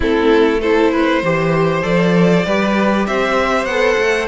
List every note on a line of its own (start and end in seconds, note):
0.00 1.22 A3
0.00 0.57 C4
0.00 0.60 E4
0.00 0.61 A4
0.60 1.23 E4
0.60 0.91 A4
0.60 1.83 C5
0.92 1.22 B4
1.22 1.83 E3
1.22 1.82 G4
1.22 2.45 C5
1.82 2.45 F3
1.82 2.43 A4
1.82 3.05 D5
2.45 3.06 G3
2.45 3.70 G4
2.45 3.06 B4
3.06 3.64 C4
3.06 4.28 C5
3.06 3.65 E5
3.64 3.95 B3
3.64 4.28 A4
3.64 4.26 F#5
3.99 4.28 A3